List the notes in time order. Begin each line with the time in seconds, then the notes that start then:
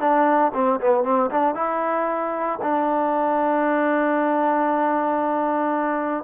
0.00 D4
0.54 C4
0.80 B3
1.04 C4
1.31 D4
1.55 E4
2.62 D4